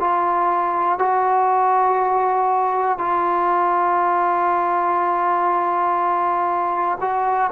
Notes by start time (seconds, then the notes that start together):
0.00 F4
0.99 F#4
2.99 F4
7.00 F#4